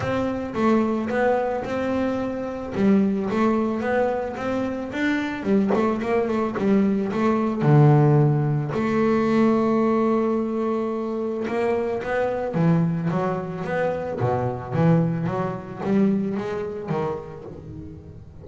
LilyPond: \new Staff \with { instrumentName = "double bass" } { \time 4/4 \tempo 4 = 110 c'4 a4 b4 c'4~ | c'4 g4 a4 b4 | c'4 d'4 g8 a8 ais8 a8 | g4 a4 d2 |
a1~ | a4 ais4 b4 e4 | fis4 b4 b,4 e4 | fis4 g4 gis4 dis4 | }